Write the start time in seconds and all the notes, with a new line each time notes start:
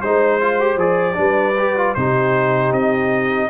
0.00 G#3 D#4 C5
0.41 F4
0.59 G4
0.76 F3 G#4 D5
1.14 G3 D4 B4
1.58 G4
1.76 F4
1.94 C3 D#4 G4 C5
2.71 C4 D#5